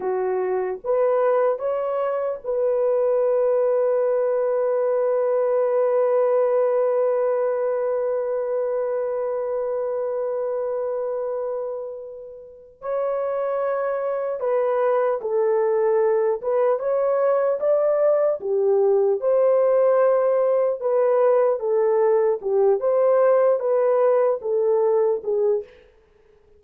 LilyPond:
\new Staff \with { instrumentName = "horn" } { \time 4/4 \tempo 4 = 75 fis'4 b'4 cis''4 b'4~ | b'1~ | b'1~ | b'1 |
cis''2 b'4 a'4~ | a'8 b'8 cis''4 d''4 g'4 | c''2 b'4 a'4 | g'8 c''4 b'4 a'4 gis'8 | }